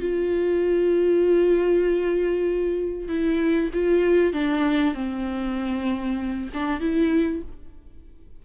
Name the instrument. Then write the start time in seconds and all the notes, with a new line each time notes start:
viola
0.00 F4
3.08 E4
3.74 F4
4.34 D4
4.95 C4
6.54 D4
6.80 E4